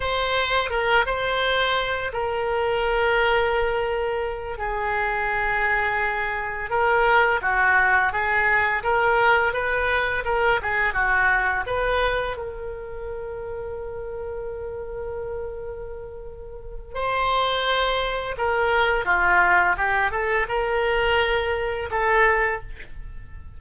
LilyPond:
\new Staff \with { instrumentName = "oboe" } { \time 4/4 \tempo 4 = 85 c''4 ais'8 c''4. ais'4~ | ais'2~ ais'8 gis'4.~ | gis'4. ais'4 fis'4 gis'8~ | gis'8 ais'4 b'4 ais'8 gis'8 fis'8~ |
fis'8 b'4 ais'2~ ais'8~ | ais'1 | c''2 ais'4 f'4 | g'8 a'8 ais'2 a'4 | }